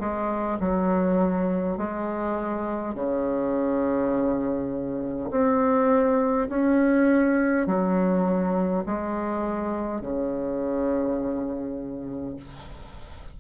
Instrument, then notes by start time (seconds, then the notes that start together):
bassoon
0.00 G#3
0.60 F#3
1.78 G#3
2.95 C#3
5.30 C4
6.49 C#4
7.67 F#3
8.86 G#3
10.01 C#3